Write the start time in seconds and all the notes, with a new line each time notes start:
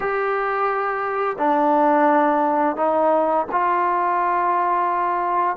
0.00 G4
1.38 D4
2.76 D#4
3.51 F4